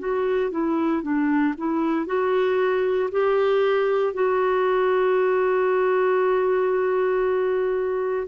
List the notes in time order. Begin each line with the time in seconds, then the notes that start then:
0.00 F#4
0.51 E4
1.03 D4
1.58 E4
2.06 F#4
3.11 G4
4.14 F#4